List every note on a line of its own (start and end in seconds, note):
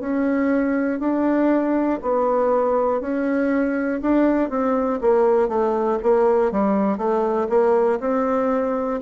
0.00 1.00 C#4
1.00 2.00 D4
2.02 3.00 B3
3.00 4.00 C#4
4.02 4.50 D4
4.50 5.00 C4
5.01 5.48 A#3
5.48 5.98 A3
6.03 6.52 A#3
6.52 6.98 G3
6.98 7.48 A3
7.50 8.00 A#3
8.00 9.00 C4